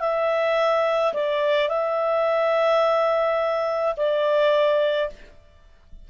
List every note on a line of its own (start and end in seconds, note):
0.00 1.13 E5
1.13 1.69 D5
1.69 3.95 E5
3.97 5.10 D5